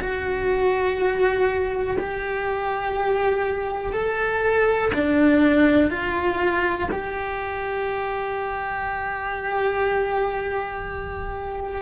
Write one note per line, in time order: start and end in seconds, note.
0.00 1.97 F#4
1.98 3.93 G4
3.93 4.91 A4
4.94 5.90 D4
5.90 6.89 F4
6.91 11.81 G4